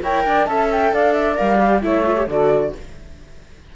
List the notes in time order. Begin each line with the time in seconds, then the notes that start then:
0.00 E4 A#4 C#5 G5
0.25 D4 D5
0.45 C#4 A4 E5 A5
0.72 G5
0.92 D4 D5 F5
1.12 E5
1.34 G3 A#4 F5
1.60 G4
1.82 A3 E4 C#5 E5
2.05 F4
2.16 G4
2.26 D3 F#4 A4 D5